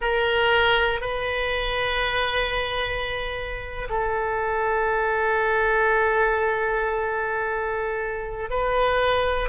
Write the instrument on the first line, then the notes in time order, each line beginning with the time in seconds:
oboe
0.01 A#4
1.00 B4
3.89 A4
8.50 B4